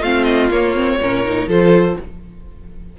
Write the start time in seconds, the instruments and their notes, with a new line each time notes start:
0.00 cello A3, viola C4, violin F4 F5
0.24 violin D#5
0.50 cello A#3, viola A#3, violin C#5
0.74 viola C4
1.00 cello A#2, viola C#4, violin A#4
1.25 viola D#4
1.47 cello F3, viola F4, violin A4 C5